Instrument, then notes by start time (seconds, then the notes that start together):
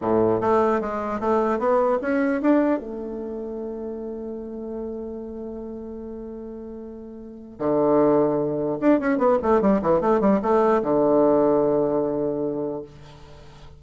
bassoon
0.01 A2
0.41 A3
0.81 G#3
1.20 A3
1.58 B3
2.01 C#4
2.41 D4
2.79 A3
7.58 D3
8.80 D4
9.00 C#4
9.18 B3
9.42 A3
9.61 G3
9.82 E3
10.00 A3
10.20 G3
10.42 A3
10.82 D3